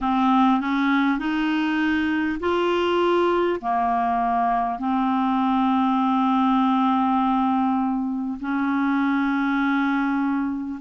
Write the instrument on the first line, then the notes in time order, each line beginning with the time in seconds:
clarinet
0.01 C4
0.60 C#4
1.18 D#4
2.39 F4
3.60 A#3
4.78 C4
8.40 C#4